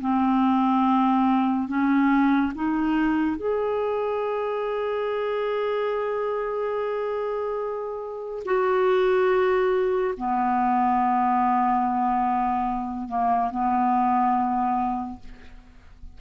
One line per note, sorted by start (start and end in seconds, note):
0.00 1.67 C4
1.67 2.52 C#4
2.54 3.36 D#4
3.36 8.43 G#4
8.45 10.14 F#4
10.17 13.08 B3
13.08 13.51 A#3
13.51 15.20 B3